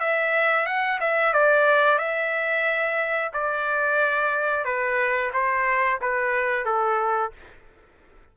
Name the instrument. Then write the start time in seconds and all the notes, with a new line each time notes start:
trumpet
0.00 E5
0.66 F#5
1.01 E5
1.33 D5
1.99 E5
3.33 D5
4.65 B4
5.34 C5
6.02 B4
6.66 A4